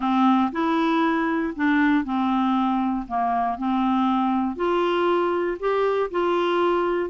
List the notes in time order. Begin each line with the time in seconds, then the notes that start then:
0.00 C4
0.52 E4
1.56 D4
2.04 C4
3.07 A#3
3.57 C4
4.56 F4
5.59 G4
6.10 F4